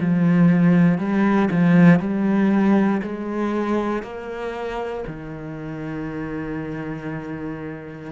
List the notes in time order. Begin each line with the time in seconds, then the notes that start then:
0.00 F3
0.98 G3
1.51 F3
1.99 G3
3.02 G#3
4.02 A#3
5.07 D#3